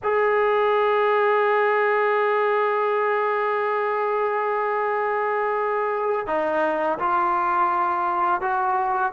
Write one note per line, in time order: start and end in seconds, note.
0.03 6.27 G#4
6.27 6.98 D#4
6.98 8.41 F4
8.41 9.12 F#4